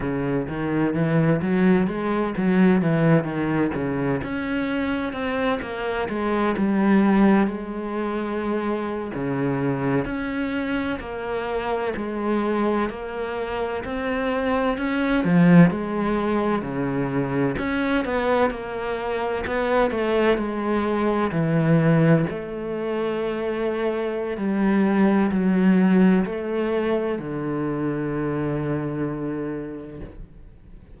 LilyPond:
\new Staff \with { instrumentName = "cello" } { \time 4/4 \tempo 4 = 64 cis8 dis8 e8 fis8 gis8 fis8 e8 dis8 | cis8 cis'4 c'8 ais8 gis8 g4 | gis4.~ gis16 cis4 cis'4 ais16~ | ais8. gis4 ais4 c'4 cis'16~ |
cis'16 f8 gis4 cis4 cis'8 b8 ais16~ | ais8. b8 a8 gis4 e4 a16~ | a2 g4 fis4 | a4 d2. | }